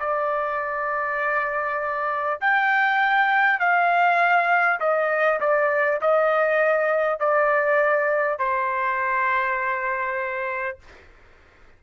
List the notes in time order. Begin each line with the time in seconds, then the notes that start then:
0.00 D5
2.41 G5
3.59 F5
4.80 D#5
5.40 D5
6.01 D#5
7.19 D5
8.38 C5